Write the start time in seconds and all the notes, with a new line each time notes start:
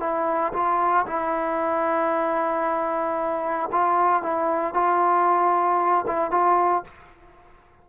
0.00 E4
0.53 F4
1.07 E4
3.72 F4
4.23 E4
4.74 F4
6.07 E4
6.31 F4